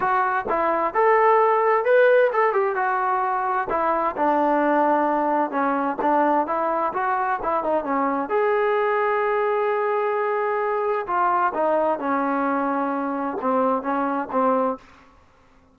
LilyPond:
\new Staff \with { instrumentName = "trombone" } { \time 4/4 \tempo 4 = 130 fis'4 e'4 a'2 | b'4 a'8 g'8 fis'2 | e'4 d'2. | cis'4 d'4 e'4 fis'4 |
e'8 dis'8 cis'4 gis'2~ | gis'1 | f'4 dis'4 cis'2~ | cis'4 c'4 cis'4 c'4 | }